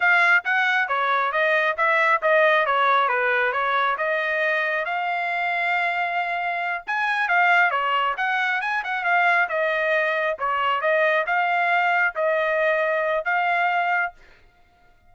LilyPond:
\new Staff \with { instrumentName = "trumpet" } { \time 4/4 \tempo 4 = 136 f''4 fis''4 cis''4 dis''4 | e''4 dis''4 cis''4 b'4 | cis''4 dis''2 f''4~ | f''2.~ f''8 gis''8~ |
gis''8 f''4 cis''4 fis''4 gis''8 | fis''8 f''4 dis''2 cis''8~ | cis''8 dis''4 f''2 dis''8~ | dis''2 f''2 | }